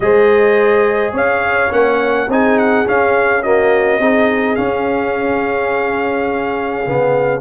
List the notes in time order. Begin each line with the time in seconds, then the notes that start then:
0.00 G#3 G#4 C5 D#5
1.12 C#4 C#5 F5
1.69 A#3 C#4 F#5
2.28 C4 D#4 G#4 G#5
2.58 F#5
2.86 C#4 F5
3.42 A#3 F#4 D#5
3.99 C4 D#4 G#4
4.55 C#4 F5
6.85 C#3 B3